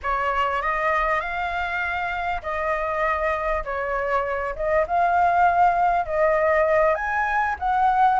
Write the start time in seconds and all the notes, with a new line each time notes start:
0.02 C#5
0.61 D#5
1.20 F5
2.42 D#5
3.64 C#5
4.55 D#5
4.87 F5
6.06 D#5
6.94 G#5
7.59 F#5